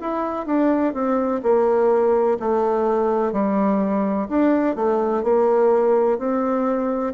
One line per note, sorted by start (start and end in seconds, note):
0.00 0.45 E4
0.45 0.93 D4
0.93 1.41 C4
1.42 2.38 A#3
2.39 3.32 A3
3.32 4.27 G3
4.28 4.75 D4
4.75 5.23 A3
5.23 6.18 A#3
6.18 7.13 C4